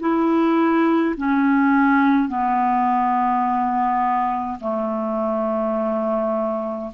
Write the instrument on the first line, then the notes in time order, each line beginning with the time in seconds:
clarinet
0.00 E4
1.17 C#4
2.29 B3
4.60 A3